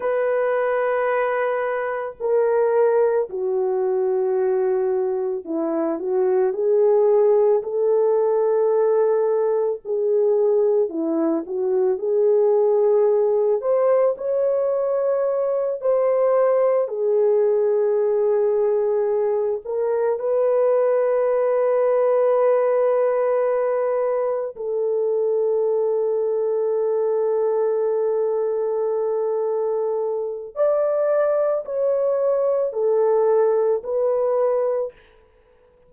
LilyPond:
\new Staff \with { instrumentName = "horn" } { \time 4/4 \tempo 4 = 55 b'2 ais'4 fis'4~ | fis'4 e'8 fis'8 gis'4 a'4~ | a'4 gis'4 e'8 fis'8 gis'4~ | gis'8 c''8 cis''4. c''4 gis'8~ |
gis'2 ais'8 b'4.~ | b'2~ b'8 a'4.~ | a'1 | d''4 cis''4 a'4 b'4 | }